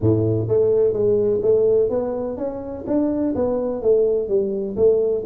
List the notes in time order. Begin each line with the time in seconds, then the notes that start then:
0.00 A2
0.48 A3
0.93 G#3
1.42 A3
1.89 B3
2.37 C#4
2.87 D4
3.35 B3
3.81 A3
4.28 G3
4.76 A3